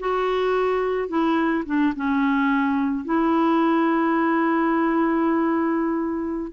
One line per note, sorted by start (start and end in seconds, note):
0.00 1.09 F#4
1.09 1.64 E4
1.66 1.94 D4
1.96 3.05 C#4
3.05 6.53 E4